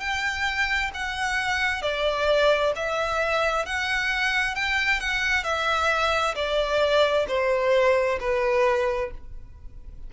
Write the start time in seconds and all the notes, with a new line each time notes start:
0.00 G5
0.94 F#5
1.82 D5
2.76 E5
3.66 F#5
4.55 G5
5.00 F#5
5.44 E5
6.35 D5
7.28 C5
8.20 B4